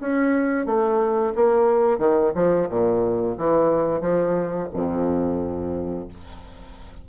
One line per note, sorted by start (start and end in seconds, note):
0.00 0.66 C#4
0.66 1.33 A3
1.35 1.98 A#3
1.98 2.32 D#3
2.35 2.68 F3
2.69 3.36 A#2
3.37 4.01 E3
4.01 4.68 F3
4.73 6.08 F2